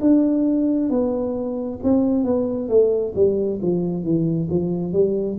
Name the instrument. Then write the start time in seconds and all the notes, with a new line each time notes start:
tuba
0.00 D4
0.90 B3
1.83 C4
2.24 B3
2.68 A3
3.15 G3
3.61 F3
4.03 E3
4.50 F3
4.92 G3